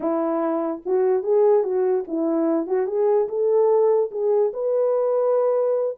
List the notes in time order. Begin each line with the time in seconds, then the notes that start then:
0.00 E4
0.85 F#4
1.23 G#4
1.63 F#4
2.07 E4
2.66 F#4
2.86 G#4
3.28 A4
4.11 G#4
4.53 B4